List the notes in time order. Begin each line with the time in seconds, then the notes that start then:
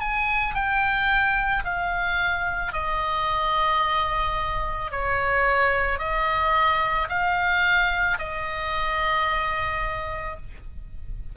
0.00 G#5
0.55 G5
1.65 F5
2.73 D#5
4.91 C#5
5.99 D#5
7.09 F5
8.18 D#5